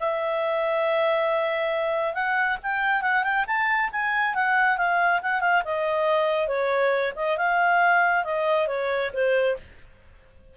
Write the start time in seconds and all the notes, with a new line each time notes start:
0.00 E5
2.14 F#5
2.63 G5
3.02 F#5
3.24 G5
3.47 A5
3.92 G#5
4.35 F#5
4.77 F5
5.23 F#5
5.41 F5
5.65 D#5
6.48 C#5
7.16 D#5
7.38 F5
8.25 D#5
8.68 C#5
9.13 C5